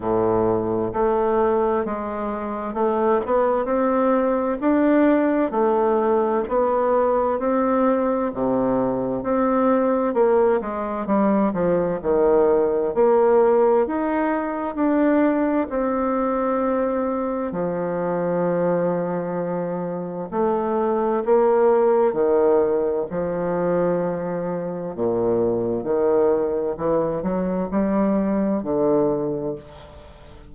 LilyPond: \new Staff \with { instrumentName = "bassoon" } { \time 4/4 \tempo 4 = 65 a,4 a4 gis4 a8 b8 | c'4 d'4 a4 b4 | c'4 c4 c'4 ais8 gis8 | g8 f8 dis4 ais4 dis'4 |
d'4 c'2 f4~ | f2 a4 ais4 | dis4 f2 ais,4 | dis4 e8 fis8 g4 d4 | }